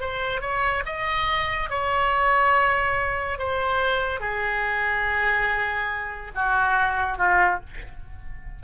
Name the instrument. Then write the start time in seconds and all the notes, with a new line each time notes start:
oboe
0.00 C5
0.41 C#5
0.85 D#5
1.70 C#5
3.38 C5
4.20 G#4
6.35 F#4
7.17 F4